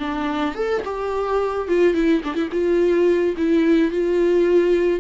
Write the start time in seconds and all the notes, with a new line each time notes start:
0.00 D4
0.55 A4
0.85 G4
1.68 F4
1.94 E4
2.24 D4
2.35 E4
2.52 F4
3.38 E4
3.92 F4